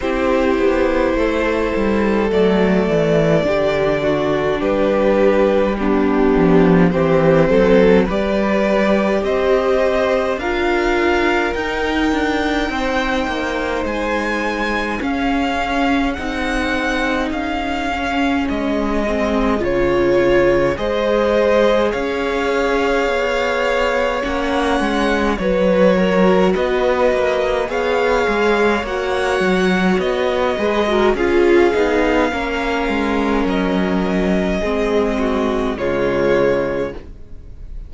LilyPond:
<<
  \new Staff \with { instrumentName = "violin" } { \time 4/4 \tempo 4 = 52 c''2 d''2 | b'4 g'4 c''4 d''4 | dis''4 f''4 g''2 | gis''4 f''4 fis''4 f''4 |
dis''4 cis''4 dis''4 f''4~ | f''4 fis''4 cis''4 dis''4 | f''4 fis''4 dis''4 f''4~ | f''4 dis''2 cis''4 | }
  \new Staff \with { instrumentName = "violin" } { \time 4/4 g'4 a'2 g'8 fis'8 | g'4 d'4 g'8 a'8 b'4 | c''4 ais'2 c''4~ | c''4 gis'2.~ |
gis'2 c''4 cis''4~ | cis''2 b'8 ais'8 b'4 | cis''2~ cis''8 b'16 ais'16 gis'4 | ais'2 gis'8 fis'8 f'4 | }
  \new Staff \with { instrumentName = "viola" } { \time 4/4 e'2 a4 d'4~ | d'4 b4 c'4 g'4~ | g'4 f'4 dis'2~ | dis'4 cis'4 dis'4. cis'8~ |
cis'8 c'8 f'4 gis'2~ | gis'4 cis'4 fis'2 | gis'4 fis'4. gis'16 fis'16 f'8 dis'8 | cis'2 c'4 gis4 | }
  \new Staff \with { instrumentName = "cello" } { \time 4/4 c'8 b8 a8 g8 fis8 e8 d4 | g4. f8 e8 fis8 g4 | c'4 d'4 dis'8 d'8 c'8 ais8 | gis4 cis'4 c'4 cis'4 |
gis4 cis4 gis4 cis'4 | b4 ais8 gis8 fis4 b8 ais8 | b8 gis8 ais8 fis8 b8 gis8 cis'8 b8 | ais8 gis8 fis4 gis4 cis4 | }
>>